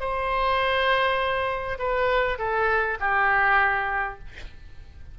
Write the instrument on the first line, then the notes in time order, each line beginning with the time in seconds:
oboe
0.00 C5
1.79 B4
2.38 A4
3.00 G4